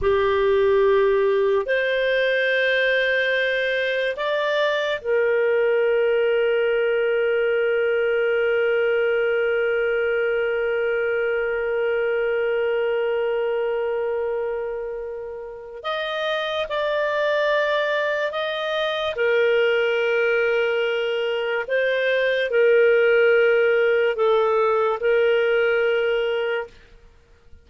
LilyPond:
\new Staff \with { instrumentName = "clarinet" } { \time 4/4 \tempo 4 = 72 g'2 c''2~ | c''4 d''4 ais'2~ | ais'1~ | ais'1~ |
ais'2. dis''4 | d''2 dis''4 ais'4~ | ais'2 c''4 ais'4~ | ais'4 a'4 ais'2 | }